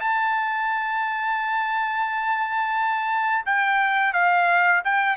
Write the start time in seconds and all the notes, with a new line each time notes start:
0.00 A5
3.45 G5
4.13 F5
4.85 G5